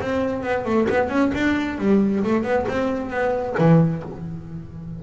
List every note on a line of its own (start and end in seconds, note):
0.00 0.43 C4
0.43 0.65 B3
0.65 0.87 A3
0.89 1.09 B3
1.09 1.31 C#4
1.34 1.78 D4
1.78 2.23 G3
2.23 2.43 A3
2.43 2.65 B3
2.68 3.10 C4
3.10 3.55 B3
3.58 4.03 E3